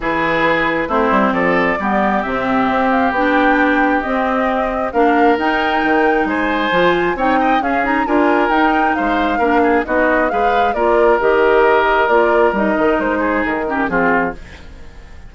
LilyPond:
<<
  \new Staff \with { instrumentName = "flute" } { \time 4/4 \tempo 4 = 134 b'2 c''4 d''4~ | d''4 e''4. f''8 g''4~ | g''4 dis''2 f''4 | g''2 gis''2 |
g''4 f''8 ais''8 gis''4 g''4 | f''2 dis''4 f''4 | d''4 dis''2 d''4 | dis''4 c''4 ais'4 gis'4 | }
  \new Staff \with { instrumentName = "oboe" } { \time 4/4 gis'2 e'4 a'4 | g'1~ | g'2. ais'4~ | ais'2 c''2 |
cis''8 dis''8 gis'4 ais'2 | c''4 ais'8 gis'8 fis'4 b'4 | ais'1~ | ais'4. gis'4 g'8 f'4 | }
  \new Staff \with { instrumentName = "clarinet" } { \time 4/4 e'2 c'2 | b4 c'2 d'4~ | d'4 c'2 d'4 | dis'2. f'4 |
dis'4 cis'8 dis'8 f'4 dis'4~ | dis'4 d'4 dis'4 gis'4 | f'4 g'2 f'4 | dis'2~ dis'8 cis'8 c'4 | }
  \new Staff \with { instrumentName = "bassoon" } { \time 4/4 e2 a8 g8 f4 | g4 c4 c'4 b4~ | b4 c'2 ais4 | dis'4 dis4 gis4 f4 |
c'4 cis'4 d'4 dis'4 | gis4 ais4 b4 gis4 | ais4 dis2 ais4 | g8 dis8 gis4 dis4 f4 | }
>>